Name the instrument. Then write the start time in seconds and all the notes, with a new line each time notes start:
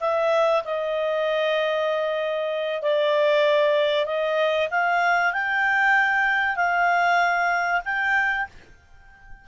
clarinet
0.00 E5
0.64 D#5
2.82 D5
4.05 D#5
4.70 F5
5.33 G5
6.56 F5
7.85 G5